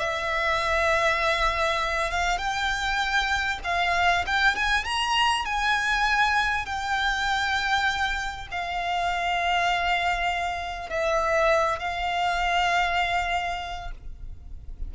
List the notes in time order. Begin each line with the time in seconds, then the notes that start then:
0.00 E5
2.11 F5
2.38 G5
3.64 F5
4.27 G5
4.56 G#5
4.85 A#5
5.45 G#5
6.66 G5
8.52 F5
10.90 E5
11.80 F5